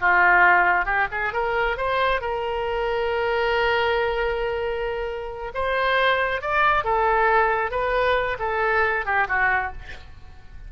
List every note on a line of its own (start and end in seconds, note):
0.00 0.85 F4
0.85 1.07 G4
1.11 1.33 G#4
1.33 1.77 A#4
1.77 2.21 C5
2.21 5.52 A#4
5.54 6.41 C5
6.41 6.84 D5
6.84 7.71 A4
7.71 8.37 B4
8.39 9.05 A4
9.05 9.27 G4
9.28 9.72 F#4